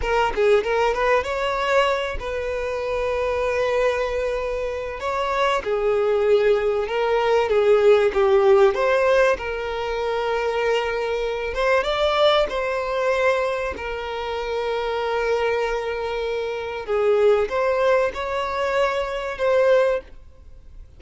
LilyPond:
\new Staff \with { instrumentName = "violin" } { \time 4/4 \tempo 4 = 96 ais'8 gis'8 ais'8 b'8 cis''4. b'8~ | b'1 | cis''4 gis'2 ais'4 | gis'4 g'4 c''4 ais'4~ |
ais'2~ ais'8 c''8 d''4 | c''2 ais'2~ | ais'2. gis'4 | c''4 cis''2 c''4 | }